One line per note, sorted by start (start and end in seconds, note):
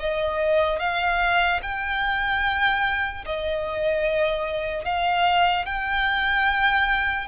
0.00 0.80 D#5
0.80 1.61 F5
1.63 3.25 G5
3.26 4.85 D#5
4.85 5.66 F5
5.66 7.28 G5